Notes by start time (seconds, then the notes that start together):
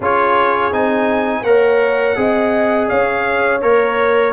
0.00 C#4 F4 G#4 C#5
0.72 C4 D#4 G#5
1.42 A#3 A#4 C#5 F#5
2.16 C4 G#4 D#5
2.88 C#4 C#5 F5
3.61 A#3 A#4 C#5